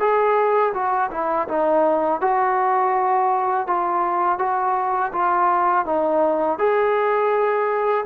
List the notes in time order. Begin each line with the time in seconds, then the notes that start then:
0.00 G#4
0.74 F#4
1.11 E4
1.48 D#4
2.21 F#4
3.67 F4
4.39 F#4
5.13 F4
5.85 D#4
6.59 G#4